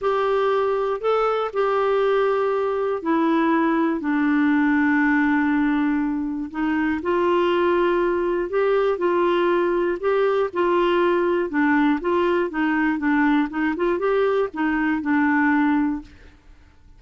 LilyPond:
\new Staff \with { instrumentName = "clarinet" } { \time 4/4 \tempo 4 = 120 g'2 a'4 g'4~ | g'2 e'2 | d'1~ | d'4 dis'4 f'2~ |
f'4 g'4 f'2 | g'4 f'2 d'4 | f'4 dis'4 d'4 dis'8 f'8 | g'4 dis'4 d'2 | }